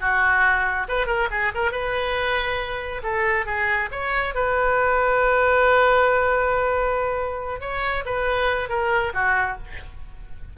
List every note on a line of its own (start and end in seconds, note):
0.00 0.87 F#4
0.88 1.07 B4
1.07 1.28 A#4
1.30 1.52 G#4
1.54 1.71 A#4
1.71 3.02 B4
3.03 3.46 A4
3.46 3.89 G#4
3.91 4.35 C#5
4.35 7.61 B4
7.61 8.04 C#5
8.05 8.69 B4
8.69 9.12 A#4
9.14 9.57 F#4